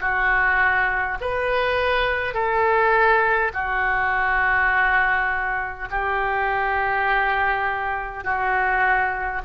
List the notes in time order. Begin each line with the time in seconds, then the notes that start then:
0.00 F#4
1.21 B4
2.34 A4
3.53 F#4
5.90 G4
8.24 F#4